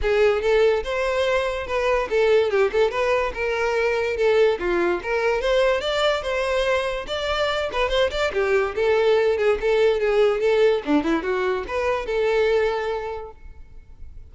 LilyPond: \new Staff \with { instrumentName = "violin" } { \time 4/4 \tempo 4 = 144 gis'4 a'4 c''2 | b'4 a'4 g'8 a'8 b'4 | ais'2 a'4 f'4 | ais'4 c''4 d''4 c''4~ |
c''4 d''4. b'8 c''8 d''8 | g'4 a'4. gis'8 a'4 | gis'4 a'4 d'8 e'8 fis'4 | b'4 a'2. | }